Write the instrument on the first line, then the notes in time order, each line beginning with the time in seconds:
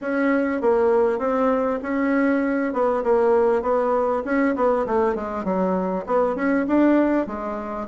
bassoon
0.01 C#4
0.61 A#3
1.18 C4
1.82 C#4
2.73 B3
3.03 A#3
3.62 B3
4.25 C#4
4.55 B3
4.86 A3
5.15 G#3
5.44 F#3
6.06 B3
6.35 C#4
6.67 D4
7.26 G#3